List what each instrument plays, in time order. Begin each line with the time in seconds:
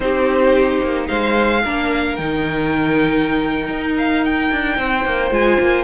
0.00 cello C4, viola D#4, violin G4 C5
0.81 cello A#3
1.07 cello G#3, violin C5 F5
1.63 cello A#3, viola D4, violin A#4
2.16 cello D#3, viola D#4, violin G5
3.68 cello D#4
3.97 violin F5
4.24 violin G5
4.51 cello D4
4.77 cello C4, violin C5
5.05 cello A#3
5.30 cello G#3, viola F4, violin G#5
5.59 cello A#3